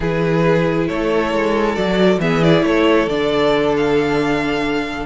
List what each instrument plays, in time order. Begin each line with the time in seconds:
0.00 cello E3, viola E4, violin G#4 B4
0.87 cello A3, violin A4 C#5
1.32 cello G#3
1.75 cello F#3, viola F#4, violin D5
2.18 cello E3, viola B3, violin G#4 E5
2.42 viola E4, violin D5
2.63 cello A3, violin A4 C#5
3.07 cello D3, viola D4, violin D5
3.76 violin F5